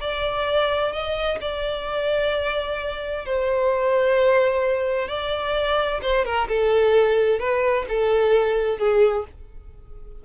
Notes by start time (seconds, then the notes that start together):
0.00 D5
0.92 D#5
1.41 D5
3.25 C5
5.08 D5
6.02 C5
6.25 A#4
6.48 A4
7.39 B4
7.89 A4
8.78 G#4